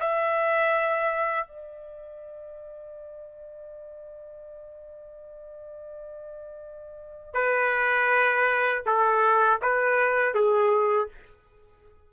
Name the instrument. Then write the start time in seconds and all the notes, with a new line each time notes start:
trumpet
0.00 E5
1.48 D5
7.34 B4
8.86 A4
9.62 B4
10.35 G#4